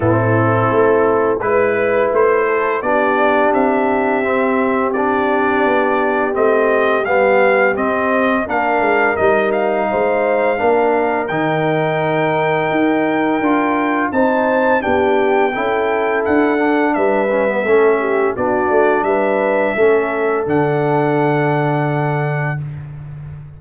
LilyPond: <<
  \new Staff \with { instrumentName = "trumpet" } { \time 4/4 \tempo 4 = 85 a'2 b'4 c''4 | d''4 e''2 d''4~ | d''4 dis''4 f''4 dis''4 | f''4 dis''8 f''2~ f''8 |
g''1 | a''4 g''2 fis''4 | e''2 d''4 e''4~ | e''4 fis''2. | }
  \new Staff \with { instrumentName = "horn" } { \time 4/4 e'2 b'4. a'8 | g'1~ | g'1 | ais'2 c''4 ais'4~ |
ais'1 | c''4 g'4 a'2 | b'4 a'8 g'8 fis'4 b'4 | a'1 | }
  \new Staff \with { instrumentName = "trombone" } { \time 4/4 c'2 e'2 | d'2 c'4 d'4~ | d'4 c'4 b4 c'4 | d'4 dis'2 d'4 |
dis'2. f'4 | dis'4 d'4 e'4. d'8~ | d'8 cis'16 b16 cis'4 d'2 | cis'4 d'2. | }
  \new Staff \with { instrumentName = "tuba" } { \time 4/4 a,4 a4 gis4 a4 | b4 c'2. | b4 a4 g4 c'4 | ais8 gis8 g4 gis4 ais4 |
dis2 dis'4 d'4 | c'4 b4 cis'4 d'4 | g4 a4 b8 a8 g4 | a4 d2. | }
>>